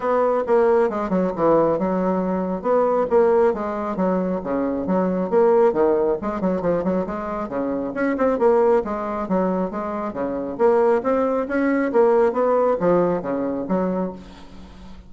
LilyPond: \new Staff \with { instrumentName = "bassoon" } { \time 4/4 \tempo 4 = 136 b4 ais4 gis8 fis8 e4 | fis2 b4 ais4 | gis4 fis4 cis4 fis4 | ais4 dis4 gis8 fis8 f8 fis8 |
gis4 cis4 cis'8 c'8 ais4 | gis4 fis4 gis4 cis4 | ais4 c'4 cis'4 ais4 | b4 f4 cis4 fis4 | }